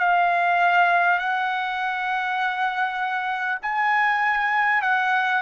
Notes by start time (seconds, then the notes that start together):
0.00 F5
1.19 F#5
3.63 G#5
4.82 F#5